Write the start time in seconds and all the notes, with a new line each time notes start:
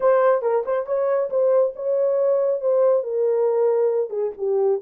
0.00 C5
0.42 A#4
0.65 C5
0.86 C#5
1.30 C5
1.75 C#5
2.60 C5
3.03 A#4
4.09 G#4
4.37 G4